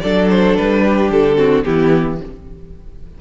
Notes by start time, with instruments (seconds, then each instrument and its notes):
0.00 cello F#3, viola D4, violin A4 D5
0.30 violin C5
0.56 cello G3, violin B4
0.83 violin G4
1.10 cello D3, violin A4
1.36 viola C4, violin F#4
1.63 cello E3, viola B3, violin E4 G4